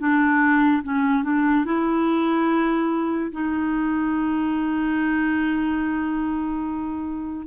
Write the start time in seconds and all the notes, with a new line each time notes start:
0.00 D4
0.83 C#4
1.24 D4
1.66 E4
3.33 D#4